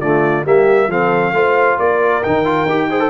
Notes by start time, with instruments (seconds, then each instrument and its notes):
0.00 tuba D3, trombone A3, horn F4, trumpet D5
0.44 tuba G3, trombone A#3, horn G4, trumpet E5
0.87 tuba F3, trombone C4, horn A4, trumpet F5
1.32 tuba A3, trombone F4, horn C5
1.78 tuba A#3, horn A#4, trumpet D5
2.23 tuba D#3, trombone D#4, trumpet G5
2.45 trombone F4
2.65 tuba D#4, trombone G4
2.90 trombone G#4, horn C5
3.00 trombone A4